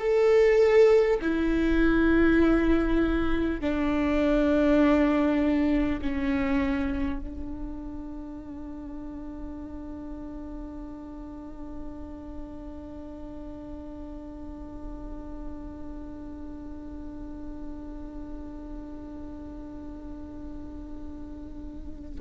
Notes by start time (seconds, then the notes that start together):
0.00 A4
1.22 E4
3.61 D4
6.02 C#4
7.20 D4